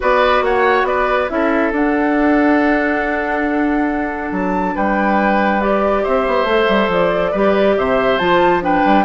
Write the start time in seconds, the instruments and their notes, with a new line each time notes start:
0.00 bassoon B3, clarinet F#4, oboe B4, flute D5
0.41 bassoon A#3, oboe C#5, flute F#5
0.83 bassoon B3, oboe B4, flute D5
1.29 bassoon C#4, clarinet E4, oboe A4, flute E5
1.72 bassoon D4, clarinet D4, flute F#5
4.31 bassoon F#3, flute A5
4.74 bassoon G3, oboe B4, flute G5
5.61 clarinet G4, flute D5
6.03 bassoon C4, oboe C5, flute E5
6.27 bassoon B3
6.44 bassoon A3, clarinet A4
6.68 bassoon G3
6.88 bassoon F3, flute D5
7.31 bassoon G3, clarinet G4, oboe B4
7.77 bassoon C3, oboe C5, flute E5
8.18 bassoon F3, clarinet F4, flute A5
8.61 clarinet D4, oboe B4, flute G5
8.84 bassoon G3